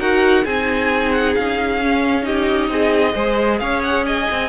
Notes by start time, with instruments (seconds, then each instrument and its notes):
0.00 cello D#4, viola F#4, violin A#4 F#5
0.44 cello C4, viola D#4, violin G#4 G#5
1.12 violin F#5
1.36 cello C#4, violin F5
1.82 viola C#4
2.22 viola D#4, violin G4 D#5
2.69 cello C4, violin G#4
3.15 cello G#3, viola G#4, violin C5
3.60 cello C#4, violin C#5 F5
3.83 violin F#5
4.06 violin D#5 G#5
4.31 cello C4